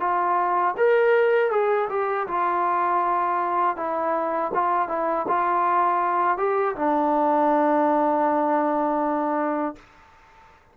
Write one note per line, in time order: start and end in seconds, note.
0.00 0.75 F4
0.77 1.51 A#4
1.51 1.89 G#4
1.90 2.27 G4
2.28 3.76 F4
3.76 4.51 E4
4.54 4.89 F4
4.89 5.26 E4
5.28 6.38 F4
6.38 6.75 G4
6.76 9.76 D4